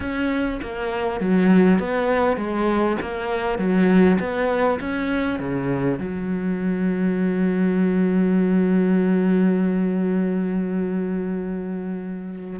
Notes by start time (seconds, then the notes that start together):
0.00 C#4
0.62 A#3
1.20 F#3
1.79 B3
2.36 G#3
3.01 A#3
3.58 F#3
4.19 B3
4.79 C#4
5.39 C#3
5.99 F#3